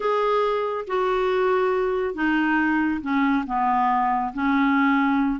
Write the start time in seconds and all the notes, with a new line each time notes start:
0.00 G#4
0.87 F#4
2.14 D#4
3.01 C#4
3.46 B3
4.33 C#4